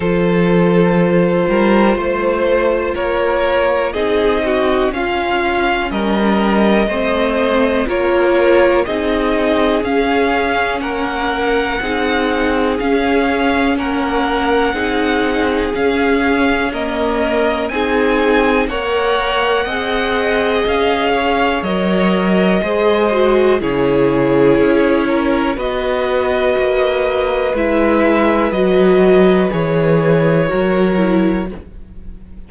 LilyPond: <<
  \new Staff \with { instrumentName = "violin" } { \time 4/4 \tempo 4 = 61 c''2. cis''4 | dis''4 f''4 dis''2 | cis''4 dis''4 f''4 fis''4~ | fis''4 f''4 fis''2 |
f''4 dis''4 gis''4 fis''4~ | fis''4 f''4 dis''2 | cis''2 dis''2 | e''4 dis''4 cis''2 | }
  \new Staff \with { instrumentName = "violin" } { \time 4/4 a'4. ais'8 c''4 ais'4 | gis'8 fis'8 f'4 ais'4 c''4 | ais'4 gis'2 ais'4 | gis'2 ais'4 gis'4~ |
gis'4 ais'4 gis'4 cis''4 | dis''4. cis''4. c''4 | gis'4. ais'8 b'2~ | b'2. ais'4 | }
  \new Staff \with { instrumentName = "viola" } { \time 4/4 f'1 | dis'4 cis'2 c'4 | f'4 dis'4 cis'2 | dis'4 cis'2 dis'4 |
cis'4 ais4 dis'4 ais'4 | gis'2 ais'4 gis'8 fis'8 | e'2 fis'2 | e'4 fis'4 gis'4 fis'8 e'8 | }
  \new Staff \with { instrumentName = "cello" } { \time 4/4 f4. g8 a4 ais4 | c'4 cis'4 g4 a4 | ais4 c'4 cis'4 ais4 | c'4 cis'4 ais4 c'4 |
cis'2 c'4 ais4 | c'4 cis'4 fis4 gis4 | cis4 cis'4 b4 ais4 | gis4 fis4 e4 fis4 | }
>>